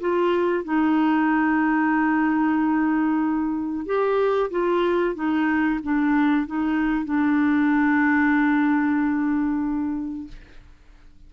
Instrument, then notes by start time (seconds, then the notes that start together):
clarinet
0.00 F4
0.64 D#4
3.86 G4
4.51 F4
5.15 D#4
5.83 D4
6.47 D#4
7.05 D4